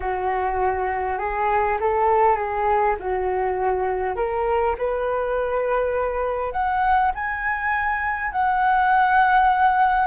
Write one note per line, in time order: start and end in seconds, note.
0.00 1.18 F#4
1.18 1.77 G#4
1.80 2.36 A4
2.36 2.95 G#4
2.99 4.16 F#4
4.16 4.75 A#4
4.78 6.52 B4
6.52 7.11 F#5
7.14 8.32 G#5
8.32 10.07 F#5